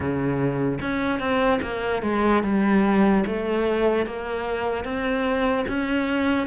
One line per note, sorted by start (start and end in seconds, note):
0.00 0.79 C#3
0.81 1.19 C#4
1.19 1.60 C4
1.61 2.02 A#3
2.02 2.43 G#3
2.43 3.24 G3
3.26 4.05 A3
4.05 4.84 A#3
4.84 5.65 C4
5.68 6.47 C#4